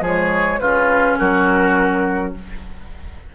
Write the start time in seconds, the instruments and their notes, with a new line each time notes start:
0.00 bassoon F3, clarinet G#3, oboe G#4
0.06 flute C#5
0.59 bassoon C#3, clarinet C#4, oboe F4, flute B4
1.18 bassoon F#3, oboe F#4, flute A#4